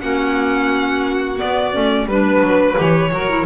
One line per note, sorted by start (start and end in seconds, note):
0.00 1.40 A#3
0.00 1.36 C#4
0.00 2.07 F#4
0.00 1.38 F#5
1.36 1.70 B3
1.36 1.75 B3
1.36 2.08 D5
1.72 2.05 A3
1.72 2.07 C#4
2.05 2.40 G3
2.05 2.75 D4
2.05 3.11 B4
2.05 2.78 B4
2.41 2.75 F#3
2.75 3.11 E3
2.75 3.09 G4
2.75 3.45 C#5
3.11 3.45 F#3
3.11 3.29 F#4
3.11 3.45 A#4
3.29 3.45 E4